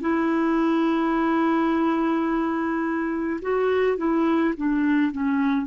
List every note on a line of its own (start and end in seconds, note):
0.00 3.40 E4
3.42 3.97 F#4
3.97 4.54 E4
4.56 5.11 D4
5.11 5.67 C#4